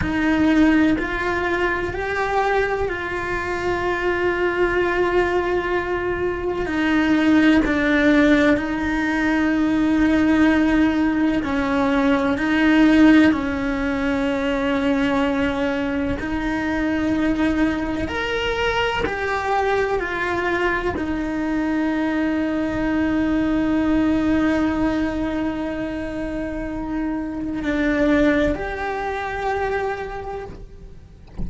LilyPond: \new Staff \with { instrumentName = "cello" } { \time 4/4 \tempo 4 = 63 dis'4 f'4 g'4 f'4~ | f'2. dis'4 | d'4 dis'2. | cis'4 dis'4 cis'2~ |
cis'4 dis'2 ais'4 | g'4 f'4 dis'2~ | dis'1~ | dis'4 d'4 g'2 | }